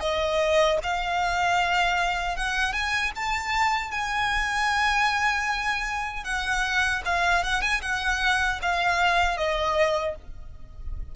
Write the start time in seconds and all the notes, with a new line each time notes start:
0.00 D#5
0.83 F5
2.37 F#5
2.73 G#5
3.15 A5
3.91 G#5
6.24 F#5
7.05 F5
7.43 F#5
7.62 G#5
7.82 F#5
8.62 F5
9.37 D#5